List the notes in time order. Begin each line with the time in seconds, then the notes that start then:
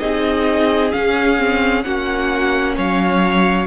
0.00 C4 D#4 G#4 D#5
0.92 C#4 F5
1.38 C4
1.83 A#3 C#4 F#4 F#5
2.76 F#3 C#5 F5